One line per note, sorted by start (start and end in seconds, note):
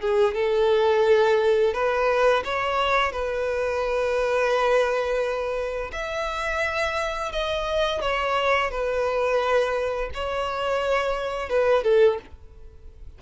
0.00 0.34 G#4
0.34 1.73 A4
1.73 2.43 B4
2.44 3.12 C#5
3.12 5.91 B4
5.92 7.32 E5
7.32 8.01 D#5
8.01 8.71 C#5
8.71 10.10 B4
10.14 11.49 C#5
11.49 11.83 B4
11.83 12.18 A4